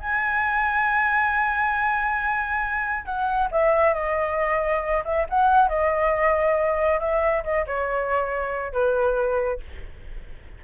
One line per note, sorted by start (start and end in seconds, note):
0.00 3.05 G#5
3.05 3.49 F#5
3.52 3.94 E5
3.94 5.03 D#5
5.05 5.27 E5
5.30 5.69 F#5
5.69 7.00 D#5
7.00 7.44 E5
7.44 7.66 D#5
7.66 8.73 C#5
8.73 9.60 B4